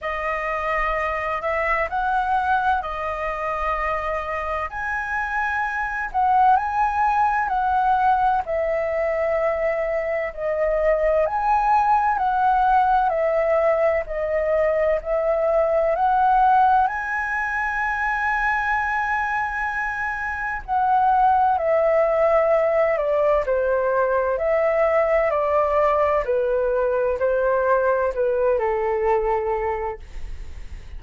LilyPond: \new Staff \with { instrumentName = "flute" } { \time 4/4 \tempo 4 = 64 dis''4. e''8 fis''4 dis''4~ | dis''4 gis''4. fis''8 gis''4 | fis''4 e''2 dis''4 | gis''4 fis''4 e''4 dis''4 |
e''4 fis''4 gis''2~ | gis''2 fis''4 e''4~ | e''8 d''8 c''4 e''4 d''4 | b'4 c''4 b'8 a'4. | }